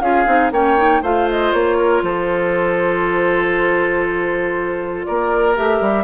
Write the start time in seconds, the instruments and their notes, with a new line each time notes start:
0.00 bassoon C#4, clarinet F4, oboe G#4, flute F5
0.26 bassoon C4, clarinet D#4
0.51 bassoon A#3, clarinet C#4, oboe C#5, flute G5
0.77 clarinet D#4
1.02 bassoon A3, clarinet F4, oboe C5, flute F5
1.30 flute D#5
1.53 bassoon A#3, flute C#5
1.77 oboe A#4
2.02 bassoon F3, oboe A4, flute C5
5.05 bassoon A#3, oboe A#4, flute D5
5.55 bassoon A3, clarinet G4, flute E5
5.81 bassoon G3